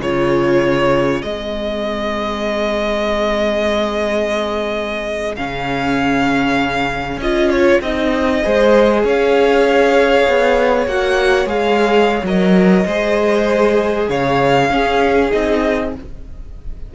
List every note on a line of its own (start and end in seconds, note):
0.00 1.22 C#3
0.00 1.25 F4
0.00 8.44 G#4
0.00 1.23 C#5
1.23 5.37 G#3
1.23 5.37 C4
1.23 5.36 D#5
5.36 7.18 C#3
5.36 7.21 C#4
5.36 7.20 F5
7.18 7.79 C#4
7.18 7.84 F4
7.18 7.51 D#5
7.51 7.81 C#5
7.81 8.42 C4
7.81 8.43 D#4
7.81 9.05 D#5
8.43 9.04 G#3
8.43 10.88 G#4
8.43 9.05 C5
9.04 10.27 C#4
9.04 12.87 C#5
9.04 10.87 F5
10.28 10.87 B3
10.87 11.46 A#3
10.87 11.47 F#4
10.87 11.48 F#5
11.46 12.22 G#3
11.46 12.24 G#4
11.46 12.25 F5
12.23 12.85 F#3
12.23 12.87 A#4
12.23 14.10 D#5
12.86 14.09 G#3
12.86 14.71 G#4
12.86 14.09 C5
14.09 14.70 C#3
14.09 14.71 C#5
14.09 15.32 F5
14.70 15.31 C#4
14.70 15.32 C#4
14.70 15.95 G#4
15.32 15.95 C4
15.32 15.93 D#4
15.32 15.94 D#5